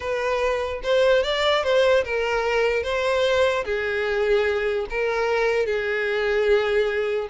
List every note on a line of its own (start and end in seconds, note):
0.00 0.81 B4
0.83 1.23 C5
1.23 1.63 D5
1.63 2.04 C5
2.04 2.83 A#4
2.83 3.64 C5
3.64 4.86 G#4
4.89 5.66 A#4
5.66 7.28 G#4